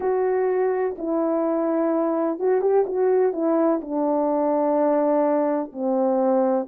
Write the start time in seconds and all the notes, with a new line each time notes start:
0.00 F#4
0.97 E4
2.39 F#4
2.61 G4
2.86 F#4
3.32 E4
3.81 D4
5.72 C4